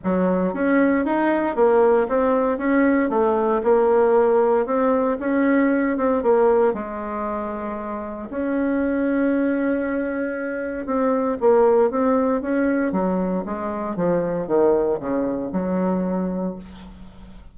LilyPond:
\new Staff \with { instrumentName = "bassoon" } { \time 4/4 \tempo 4 = 116 fis4 cis'4 dis'4 ais4 | c'4 cis'4 a4 ais4~ | ais4 c'4 cis'4. c'8 | ais4 gis2. |
cis'1~ | cis'4 c'4 ais4 c'4 | cis'4 fis4 gis4 f4 | dis4 cis4 fis2 | }